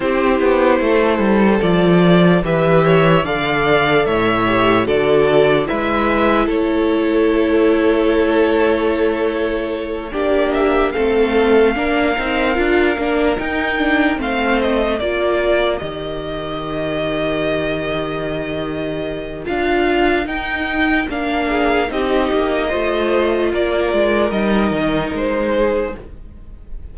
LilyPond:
<<
  \new Staff \with { instrumentName = "violin" } { \time 4/4 \tempo 4 = 74 c''2 d''4 e''4 | f''4 e''4 d''4 e''4 | cis''1~ | cis''8 d''8 e''8 f''2~ f''8~ |
f''8 g''4 f''8 dis''8 d''4 dis''8~ | dis''1 | f''4 g''4 f''4 dis''4~ | dis''4 d''4 dis''4 c''4 | }
  \new Staff \with { instrumentName = "violin" } { \time 4/4 g'4 a'2 b'8 cis''8 | d''4 cis''4 a'4 b'4 | a'1~ | a'8 g'4 a'4 ais'4.~ |
ais'4. c''4 ais'4.~ | ais'1~ | ais'2~ ais'8 gis'8 g'4 | c''4 ais'2~ ais'8 gis'8 | }
  \new Staff \with { instrumentName = "viola" } { \time 4/4 e'2 f'4 g'4 | a'4. g'8 fis'4 e'4~ | e'1~ | e'8 d'4 c'4 d'8 dis'8 f'8 |
d'8 dis'8 d'8 c'4 f'4 g'8~ | g'1 | f'4 dis'4 d'4 dis'4 | f'2 dis'2 | }
  \new Staff \with { instrumentName = "cello" } { \time 4/4 c'8 b8 a8 g8 f4 e4 | d4 a,4 d4 gis4 | a1~ | a8 ais4 a4 ais8 c'8 d'8 |
ais8 dis'4 a4 ais4 dis8~ | dis1 | d'4 dis'4 ais4 c'8 ais8 | a4 ais8 gis8 g8 dis8 gis4 | }
>>